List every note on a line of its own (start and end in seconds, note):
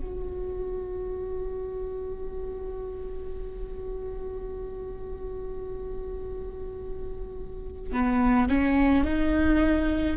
0.00 7.92 F#4
7.92 8.49 B3
8.49 9.05 C#4
9.05 10.17 D#4